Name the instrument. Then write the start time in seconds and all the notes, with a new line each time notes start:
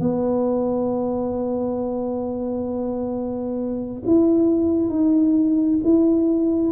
tuba
0.00 B3
4.06 E4
4.89 D#4
5.84 E4